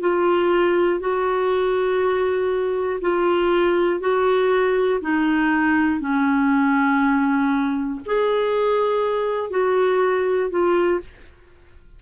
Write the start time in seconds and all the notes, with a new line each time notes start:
0.00 F4
1.00 F#4
3.01 F4
4.00 F#4
5.01 D#4
6.00 C#4
8.06 G#4
9.50 F#4
10.50 F4